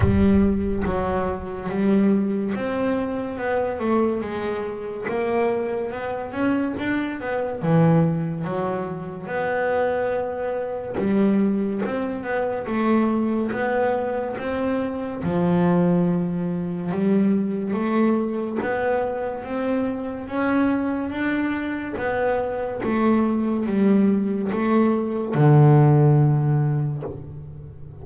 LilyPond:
\new Staff \with { instrumentName = "double bass" } { \time 4/4 \tempo 4 = 71 g4 fis4 g4 c'4 | b8 a8 gis4 ais4 b8 cis'8 | d'8 b8 e4 fis4 b4~ | b4 g4 c'8 b8 a4 |
b4 c'4 f2 | g4 a4 b4 c'4 | cis'4 d'4 b4 a4 | g4 a4 d2 | }